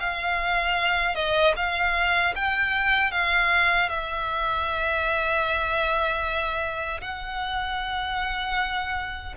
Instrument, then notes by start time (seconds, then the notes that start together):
violin
0.00 F5
1.15 D#5
1.57 F5
2.36 G5
3.12 F5
3.89 E5
7.01 F#5